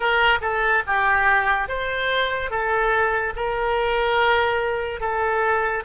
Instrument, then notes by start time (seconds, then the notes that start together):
oboe
0.00 A#4
0.41 A4
0.86 G4
1.68 C5
2.50 A4
3.36 A#4
5.00 A4